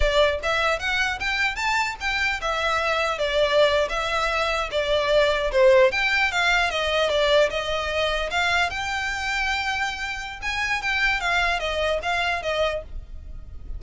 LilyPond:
\new Staff \with { instrumentName = "violin" } { \time 4/4 \tempo 4 = 150 d''4 e''4 fis''4 g''4 | a''4 g''4 e''2 | d''4.~ d''16 e''2 d''16~ | d''4.~ d''16 c''4 g''4 f''16~ |
f''8. dis''4 d''4 dis''4~ dis''16~ | dis''8. f''4 g''2~ g''16~ | g''2 gis''4 g''4 | f''4 dis''4 f''4 dis''4 | }